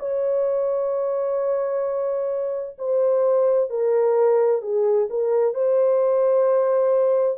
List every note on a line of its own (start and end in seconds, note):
0.00 2.77 C#5
2.79 3.70 C5
3.70 4.62 A#4
4.62 5.09 G#4
5.11 5.55 A#4
5.55 7.38 C5